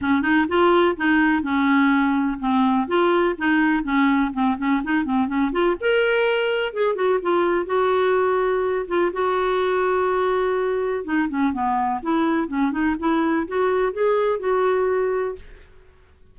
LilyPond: \new Staff \with { instrumentName = "clarinet" } { \time 4/4 \tempo 4 = 125 cis'8 dis'8 f'4 dis'4 cis'4~ | cis'4 c'4 f'4 dis'4 | cis'4 c'8 cis'8 dis'8 c'8 cis'8 f'8 | ais'2 gis'8 fis'8 f'4 |
fis'2~ fis'8 f'8 fis'4~ | fis'2. dis'8 cis'8 | b4 e'4 cis'8 dis'8 e'4 | fis'4 gis'4 fis'2 | }